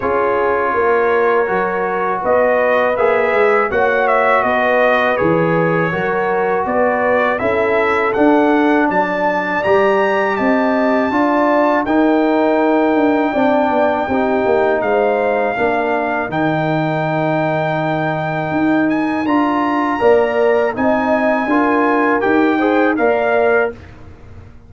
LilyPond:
<<
  \new Staff \with { instrumentName = "trumpet" } { \time 4/4 \tempo 4 = 81 cis''2. dis''4 | e''4 fis''8 e''8 dis''4 cis''4~ | cis''4 d''4 e''4 fis''4 | a''4 ais''4 a''2 |
g''1 | f''2 g''2~ | g''4. gis''8 ais''2 | gis''2 g''4 f''4 | }
  \new Staff \with { instrumentName = "horn" } { \time 4/4 gis'4 ais'2 b'4~ | b'4 cis''4 b'2 | ais'4 b'4 a'2 | d''2 dis''4 d''4 |
ais'2 d''4 g'4 | c''4 ais'2.~ | ais'2. d''4 | dis''4 ais'4. c''8 d''4 | }
  \new Staff \with { instrumentName = "trombone" } { \time 4/4 f'2 fis'2 | gis'4 fis'2 gis'4 | fis'2 e'4 d'4~ | d'4 g'2 f'4 |
dis'2 d'4 dis'4~ | dis'4 d'4 dis'2~ | dis'2 f'4 ais'4 | dis'4 f'4 g'8 gis'8 ais'4 | }
  \new Staff \with { instrumentName = "tuba" } { \time 4/4 cis'4 ais4 fis4 b4 | ais8 gis8 ais4 b4 e4 | fis4 b4 cis'4 d'4 | fis4 g4 c'4 d'4 |
dis'4. d'8 c'8 b8 c'8 ais8 | gis4 ais4 dis2~ | dis4 dis'4 d'4 ais4 | c'4 d'4 dis'4 ais4 | }
>>